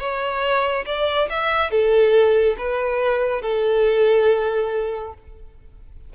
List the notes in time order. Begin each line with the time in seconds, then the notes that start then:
0.00 C#5
0.86 D5
1.30 E5
1.71 A4
2.58 B4
3.42 A4